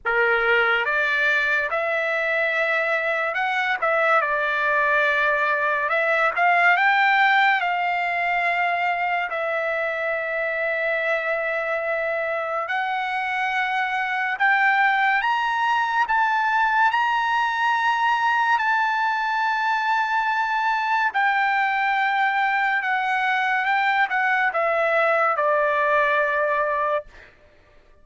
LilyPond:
\new Staff \with { instrumentName = "trumpet" } { \time 4/4 \tempo 4 = 71 ais'4 d''4 e''2 | fis''8 e''8 d''2 e''8 f''8 | g''4 f''2 e''4~ | e''2. fis''4~ |
fis''4 g''4 ais''4 a''4 | ais''2 a''2~ | a''4 g''2 fis''4 | g''8 fis''8 e''4 d''2 | }